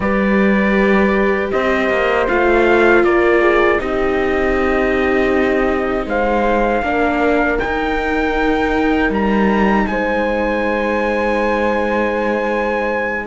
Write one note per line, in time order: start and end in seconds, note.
0.00 1.51 G3
0.00 2.27 G4
0.00 1.52 B4
0.00 1.50 D5
1.51 1.89 C4
1.51 3.04 C5
1.51 2.27 D#5
1.89 2.27 A#3
2.27 3.03 A3
2.27 3.78 F4
2.27 3.03 F5
3.03 3.79 A#3
3.03 3.41 A#4
3.03 3.79 D5
3.41 3.79 G#4
3.78 6.06 C4
3.78 6.82 D#4
3.78 6.07 G4
3.78 6.08 D#5
6.06 6.81 G#3
6.06 6.83 C5
6.06 7.59 F5
6.82 7.58 A#3
6.82 7.58 D4
6.82 9.88 A#4
7.58 13.26 D#4
7.58 9.11 G5
7.64 9.09 D#4
9.09 9.85 G3
9.09 9.86 A#5
9.86 13.26 G#3
9.86 13.26 C5
9.86 13.26 G#5